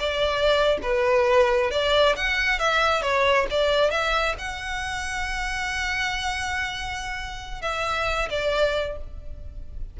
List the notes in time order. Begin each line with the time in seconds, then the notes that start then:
0.00 D5
0.83 B4
1.71 D5
2.16 F#5
2.60 E5
3.02 C#5
3.51 D5
3.91 E5
4.39 F#5
7.62 E5
8.30 D5